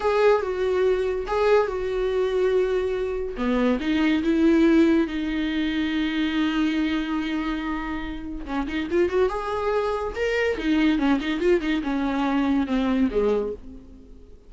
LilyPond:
\new Staff \with { instrumentName = "viola" } { \time 4/4 \tempo 4 = 142 gis'4 fis'2 gis'4 | fis'1 | b4 dis'4 e'2 | dis'1~ |
dis'1 | cis'8 dis'8 f'8 fis'8 gis'2 | ais'4 dis'4 cis'8 dis'8 f'8 dis'8 | cis'2 c'4 gis4 | }